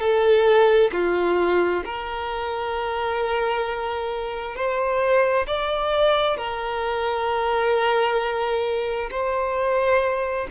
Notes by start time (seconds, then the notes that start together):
0.00 A4
0.93 F4
1.85 A#4
4.55 C5
5.47 D5
6.37 A#4
9.11 C5